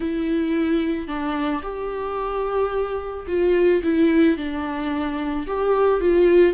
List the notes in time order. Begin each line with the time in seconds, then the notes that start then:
0.00 E4
1.07 D4
1.62 G4
3.27 F4
3.83 E4
4.37 D4
5.46 G4
6.00 F4